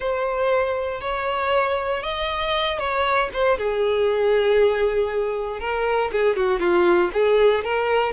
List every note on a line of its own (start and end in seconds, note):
0.00 1.01 C5
1.01 2.02 C#5
2.02 2.78 D#5
2.78 3.29 C#5
3.33 3.57 C5
3.57 5.60 G#4
5.60 6.10 A#4
6.11 6.36 G#4
6.36 6.59 F#4
6.59 7.10 F4
7.13 7.63 G#4
7.63 8.12 A#4